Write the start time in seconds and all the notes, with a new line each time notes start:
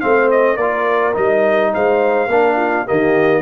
0.00 A3 C4 C5 F5
0.30 D#5
0.57 A#3 F4 A#4 D5
1.13 G3 D#4 D#5
1.73 G#3 C5 F5
2.27 A#3 D4 A#4
2.56 F4
2.85 D#3 A#3 G4 D#5